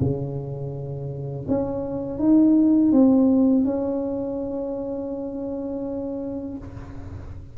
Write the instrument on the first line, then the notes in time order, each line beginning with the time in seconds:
tuba
0.00 C#3
1.48 C#4
2.19 D#4
2.92 C4
3.65 C#4